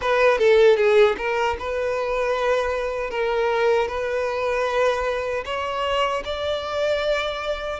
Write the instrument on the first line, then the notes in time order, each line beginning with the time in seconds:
violin
0.01 B4
0.38 A4
0.77 G#4
1.17 A#4
1.59 B4
3.10 A#4
3.87 B4
5.45 C#5
6.24 D5